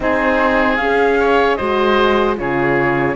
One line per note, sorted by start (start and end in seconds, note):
0.00 0.78 C4
0.00 0.79 D#4
0.00 1.19 G#4
0.00 0.76 C5
0.76 1.57 C#4
0.76 1.58 G#4
0.76 1.55 F5
1.19 1.57 C#5
1.55 2.39 G#3
1.55 2.36 F#4
1.55 2.36 C5
1.55 2.34 D#5
2.36 3.15 C#3
2.36 3.15 F4
2.36 3.15 G#4
2.36 3.15 C#5